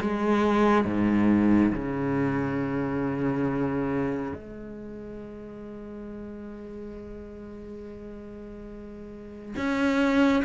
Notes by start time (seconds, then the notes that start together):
0.00 G#3
0.85 G#2
1.72 C#3
4.33 G#3
9.56 C#4